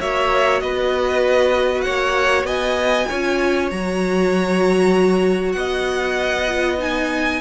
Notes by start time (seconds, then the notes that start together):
0.00 A#3 F#4 C#5 E5
0.60 B3 B4 D#5
1.81 A#3 C#5 F#5
2.43 B3 D#5 G#5
3.08 C#4 F4 C#5
3.70 F#3 F#4 A#5
5.52 B3 D#5 F#5
6.48 F4
6.79 D#4 G#5